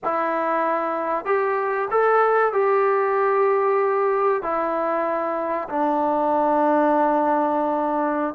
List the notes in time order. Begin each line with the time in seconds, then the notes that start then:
0.04 E4
1.25 G4
1.90 A4
2.52 G4
4.42 E4
5.69 D4